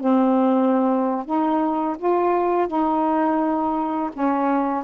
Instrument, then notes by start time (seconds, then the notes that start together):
saxophone
0.00 C4
1.25 D#4
1.98 F4
2.68 D#4
4.13 C#4